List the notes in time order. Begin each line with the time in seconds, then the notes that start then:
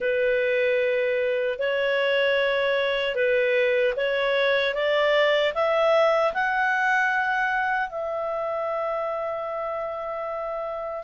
0.00 B4
1.59 C#5
3.15 B4
3.96 C#5
4.74 D5
5.54 E5
6.33 F#5
7.89 E5